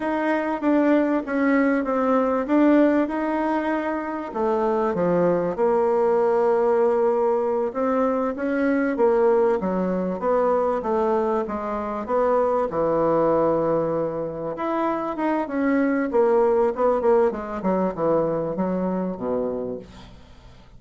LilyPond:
\new Staff \with { instrumentName = "bassoon" } { \time 4/4 \tempo 4 = 97 dis'4 d'4 cis'4 c'4 | d'4 dis'2 a4 | f4 ais2.~ | ais8 c'4 cis'4 ais4 fis8~ |
fis8 b4 a4 gis4 b8~ | b8 e2. e'8~ | e'8 dis'8 cis'4 ais4 b8 ais8 | gis8 fis8 e4 fis4 b,4 | }